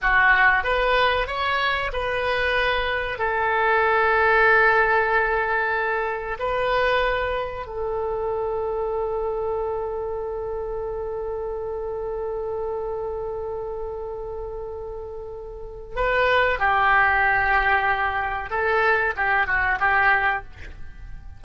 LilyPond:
\new Staff \with { instrumentName = "oboe" } { \time 4/4 \tempo 4 = 94 fis'4 b'4 cis''4 b'4~ | b'4 a'2.~ | a'2 b'2 | a'1~ |
a'1~ | a'1~ | a'4 b'4 g'2~ | g'4 a'4 g'8 fis'8 g'4 | }